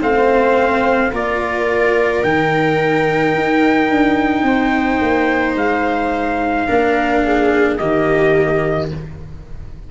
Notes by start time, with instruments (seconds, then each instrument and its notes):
0.00 tuba A3, cello C4, viola C5, trumpet F5
1.11 tuba A#3, cello F4, viola A#4, trumpet D5
2.23 tuba D#3, cello D#4, trumpet G5
3.34 tuba D#4
3.90 tuba D4
4.42 tuba C4, viola C5
5.01 tuba A#3
5.55 tuba G#3, trumpet F5
6.67 tuba A#3, cello D4, viola A#4
7.24 viola G#4
7.77 tuba D#3, cello A#3, viola G4, trumpet D#5